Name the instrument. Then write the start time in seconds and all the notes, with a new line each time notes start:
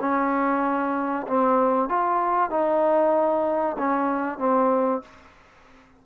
trombone
0.00 C#4
1.27 C4
1.89 F4
2.50 D#4
3.78 C#4
4.39 C4